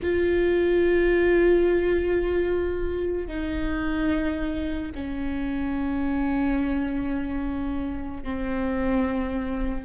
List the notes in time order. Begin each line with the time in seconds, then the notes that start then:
0.02 F4
3.27 D#4
4.95 C#4
8.23 C4